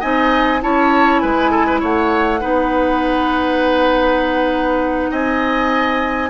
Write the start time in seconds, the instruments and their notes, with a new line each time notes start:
0.00 bassoon C4, clarinet D#4, oboe D#5, flute G#5
0.60 bassoon C#4, clarinet E4, oboe C#5, flute A5
1.19 bassoon G#3, oboe B4, flute G#5
1.51 oboe A4
1.66 oboe B4
1.80 bassoon A3, oboe C#5, flute F#5
2.40 bassoon B3, clarinet D#4, oboe B4
5.11 bassoon C4, oboe D#5, flute G#5